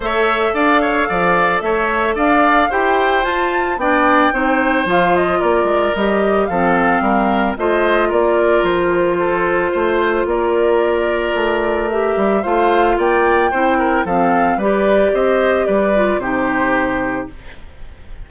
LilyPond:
<<
  \new Staff \with { instrumentName = "flute" } { \time 4/4 \tempo 4 = 111 e''4 f''2 e''4 | f''4 g''4 a''4 g''4~ | g''4 f''8 dis''8 d''4 dis''4 | f''2 dis''4 d''4 |
c''2. d''4~ | d''2 e''4 f''4 | g''2 f''4 d''4 | dis''4 d''4 c''2 | }
  \new Staff \with { instrumentName = "oboe" } { \time 4/4 cis''4 d''8 cis''8 d''4 cis''4 | d''4 c''2 d''4 | c''2 ais'2 | a'4 ais'4 c''4 ais'4~ |
ais'4 a'4 c''4 ais'4~ | ais'2. c''4 | d''4 c''8 ais'8 a'4 b'4 | c''4 b'4 g'2 | }
  \new Staff \with { instrumentName = "clarinet" } { \time 4/4 a'1~ | a'4 g'4 f'4 d'4 | dis'4 f'2 g'4 | c'2 f'2~ |
f'1~ | f'2 g'4 f'4~ | f'4 e'4 c'4 g'4~ | g'4. f'8 dis'2 | }
  \new Staff \with { instrumentName = "bassoon" } { \time 4/4 a4 d'4 f4 a4 | d'4 e'4 f'4 b4 | c'4 f4 ais8 gis8 g4 | f4 g4 a4 ais4 |
f2 a4 ais4~ | ais4 a4. g8 a4 | ais4 c'4 f4 g4 | c'4 g4 c2 | }
>>